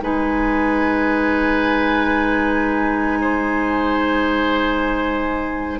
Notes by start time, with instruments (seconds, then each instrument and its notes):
0.00 bassoon G#3, clarinet D#4, oboe B4, flute G#5
3.21 oboe C5